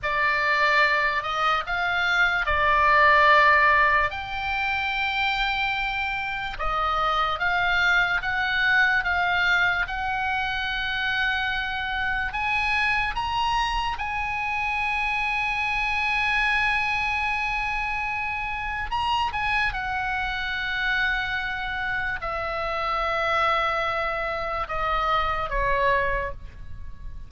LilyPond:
\new Staff \with { instrumentName = "oboe" } { \time 4/4 \tempo 4 = 73 d''4. dis''8 f''4 d''4~ | d''4 g''2. | dis''4 f''4 fis''4 f''4 | fis''2. gis''4 |
ais''4 gis''2.~ | gis''2. ais''8 gis''8 | fis''2. e''4~ | e''2 dis''4 cis''4 | }